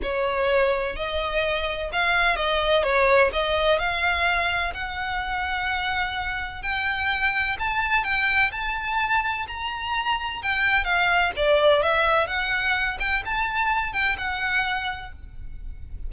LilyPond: \new Staff \with { instrumentName = "violin" } { \time 4/4 \tempo 4 = 127 cis''2 dis''2 | f''4 dis''4 cis''4 dis''4 | f''2 fis''2~ | fis''2 g''2 |
a''4 g''4 a''2 | ais''2 g''4 f''4 | d''4 e''4 fis''4. g''8 | a''4. g''8 fis''2 | }